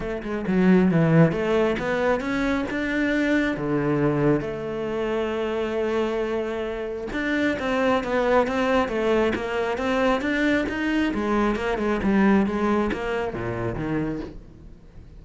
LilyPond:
\new Staff \with { instrumentName = "cello" } { \time 4/4 \tempo 4 = 135 a8 gis8 fis4 e4 a4 | b4 cis'4 d'2 | d2 a2~ | a1 |
d'4 c'4 b4 c'4 | a4 ais4 c'4 d'4 | dis'4 gis4 ais8 gis8 g4 | gis4 ais4 ais,4 dis4 | }